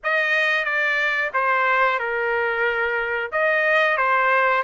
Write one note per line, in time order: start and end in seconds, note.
0.03 0.64 D#5
0.64 1.30 D5
1.33 1.99 C5
1.99 3.31 A#4
3.32 3.97 D#5
3.97 4.63 C5